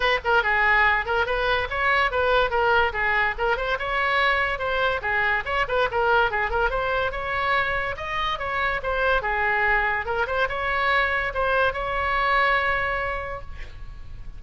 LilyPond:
\new Staff \with { instrumentName = "oboe" } { \time 4/4 \tempo 4 = 143 b'8 ais'8 gis'4. ais'8 b'4 | cis''4 b'4 ais'4 gis'4 | ais'8 c''8 cis''2 c''4 | gis'4 cis''8 b'8 ais'4 gis'8 ais'8 |
c''4 cis''2 dis''4 | cis''4 c''4 gis'2 | ais'8 c''8 cis''2 c''4 | cis''1 | }